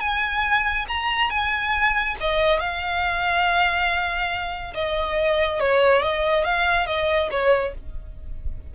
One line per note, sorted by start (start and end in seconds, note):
0.00 0.86 G#5
0.88 1.30 A#5
1.30 2.16 G#5
2.20 2.59 D#5
2.59 4.74 F5
4.74 5.60 D#5
5.60 6.02 C#5
6.02 6.44 D#5
6.44 6.86 F5
6.86 7.29 D#5
7.31 7.74 C#5